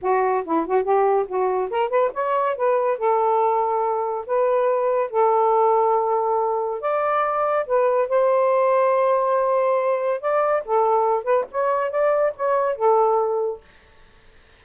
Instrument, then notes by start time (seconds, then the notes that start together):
saxophone
0.01 F#4
0.45 E4
0.66 F#4
0.83 G4
1.27 F#4
1.70 A#4
1.89 B4
2.13 C#5
2.56 B4
2.98 A4
4.26 B4
5.10 A4
6.80 D5
7.66 B4
8.09 C5
10.20 D5
10.65 A4
11.23 B4
11.51 C#5
11.90 D5
12.36 C#5
12.75 A4